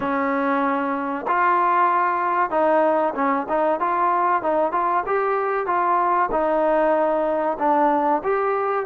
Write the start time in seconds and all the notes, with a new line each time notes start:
0.00 C#4
1.27 F4
2.50 D#4
3.14 C#4
3.49 D#4
3.80 F4
4.42 D#4
4.72 F4
5.06 G4
5.66 F4
6.31 D#4
7.58 D4
8.23 G4